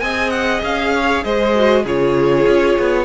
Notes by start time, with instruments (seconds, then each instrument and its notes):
0.00 cello C4, viola G#4, violin D#5 G#5
0.30 violin F#5
0.63 cello C#4, violin F5
0.95 violin C#5
1.24 cello G#3, violin C5 D#5
1.55 viola F#4
1.84 cello C#3, viola F4, violin G#4 C#5
2.47 cello C#4
2.79 cello B3